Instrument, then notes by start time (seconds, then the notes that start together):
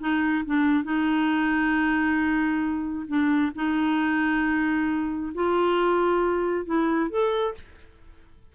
clarinet
0.00 D#4
0.46 D4
0.84 D#4
3.08 D4
3.55 D#4
5.35 F4
6.66 E4
7.10 A4